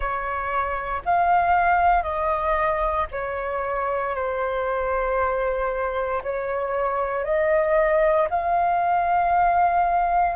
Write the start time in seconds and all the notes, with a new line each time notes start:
0.00 C#5
1.05 F5
2.02 D#5
3.11 C#5
4.15 C5
6.23 C#5
7.24 D#5
8.30 F5